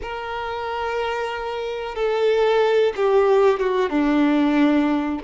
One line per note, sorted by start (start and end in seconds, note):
0.02 1.95 A#4
1.95 2.93 A4
2.96 3.59 G4
3.59 3.89 F#4
3.89 5.20 D4